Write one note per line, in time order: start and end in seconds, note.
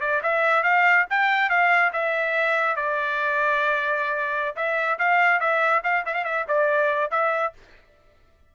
0.00 0.21 D5
0.22 0.63 E5
0.63 1.05 F5
1.09 1.49 G5
1.49 1.91 F5
1.92 2.76 E5
2.76 4.55 D5
4.56 4.98 E5
4.98 5.40 F5
5.40 5.82 E5
5.83 6.04 F5
6.05 6.13 E5
6.13 6.24 F5
6.24 6.45 E5
6.48 7.10 D5
7.10 7.53 E5